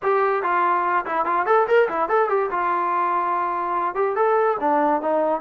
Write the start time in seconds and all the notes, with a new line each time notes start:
0.02 G4
0.42 F4
1.05 E4
1.25 F4
1.45 A4
1.67 A#4
1.88 E4
2.08 A4
2.29 G4
2.50 F4
3.95 G4
4.15 A4
4.60 D4
5.01 D#4